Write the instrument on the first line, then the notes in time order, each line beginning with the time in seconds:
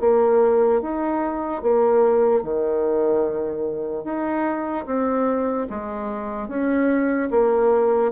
bassoon
0.00 A#3
0.81 D#4
1.62 A#3
2.43 D#3
4.04 D#4
4.86 C4
5.70 G#3
6.48 C#4
7.30 A#3